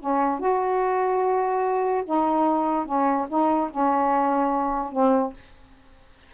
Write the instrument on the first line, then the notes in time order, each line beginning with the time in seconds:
saxophone
0.00 C#4
0.40 F#4
2.06 D#4
2.86 C#4
3.29 D#4
3.71 C#4
4.92 C4